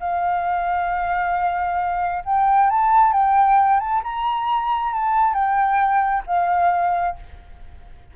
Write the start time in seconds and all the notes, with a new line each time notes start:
0.00 F5
2.26 G5
2.70 A5
3.13 G5
3.80 A5
4.04 A#5
4.94 A5
5.34 G5
6.27 F5